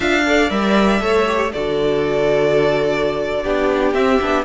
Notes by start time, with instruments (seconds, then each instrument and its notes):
0.00 cello D4, viola F4, violin E5 F5
0.25 viola A4, violin D5
0.50 cello G3, viola A#4, violin E5
1.00 cello A3, viola A4, violin C#5
1.26 viola G4
1.52 cello D3, viola F#4, violin A4 D5
3.43 cello B3, viola D4, violin G4
3.93 cello C4, viola C4, violin E5
4.20 cello B3, viola D4